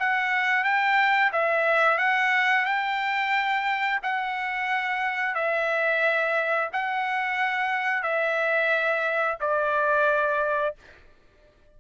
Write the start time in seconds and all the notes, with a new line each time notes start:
0.00 F#5
0.64 G5
1.32 E5
1.98 F#5
2.65 G5
4.03 F#5
5.35 E5
6.73 F#5
8.03 E5
9.41 D5